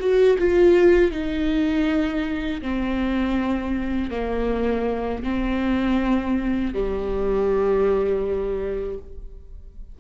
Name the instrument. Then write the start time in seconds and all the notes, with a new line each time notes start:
viola
0.00 F#4
0.39 F4
1.11 D#4
2.62 C4
4.11 A#3
5.24 C4
6.74 G3